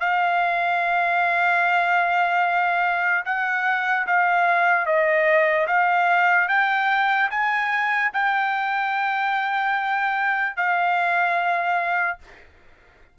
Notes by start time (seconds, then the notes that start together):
0.00 F5
3.25 F#5
4.07 F5
4.86 D#5
5.67 F5
6.48 G5
7.30 G#5
8.13 G5
10.56 F5